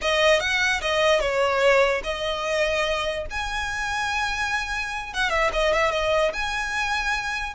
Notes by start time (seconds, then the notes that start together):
0.01 D#5
0.40 F#5
0.81 D#5
1.20 C#5
2.03 D#5
3.30 G#5
5.13 F#5
5.30 E5
5.52 D#5
5.73 E5
5.91 D#5
6.33 G#5